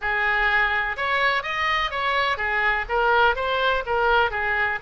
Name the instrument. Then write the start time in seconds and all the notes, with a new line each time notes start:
oboe
0.01 G#4
0.96 C#5
1.42 D#5
1.90 C#5
2.37 G#4
2.88 A#4
3.35 C5
3.86 A#4
4.31 G#4